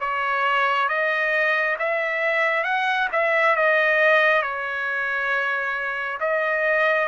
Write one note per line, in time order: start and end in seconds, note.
0.00 0.88 C#5
0.88 1.76 D#5
1.79 2.64 E5
2.64 3.08 F#5
3.12 3.56 E5
3.56 4.42 D#5
4.42 6.18 C#5
6.20 7.08 D#5